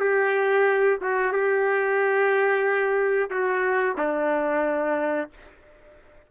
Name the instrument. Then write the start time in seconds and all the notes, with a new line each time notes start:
trumpet
0.00 G4
1.01 F#4
1.32 G4
3.30 F#4
3.98 D4